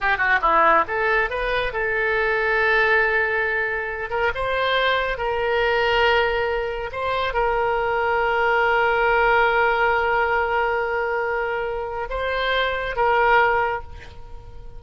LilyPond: \new Staff \with { instrumentName = "oboe" } { \time 4/4 \tempo 4 = 139 g'8 fis'8 e'4 a'4 b'4 | a'1~ | a'4. ais'8 c''2 | ais'1 |
c''4 ais'2.~ | ais'1~ | ais'1 | c''2 ais'2 | }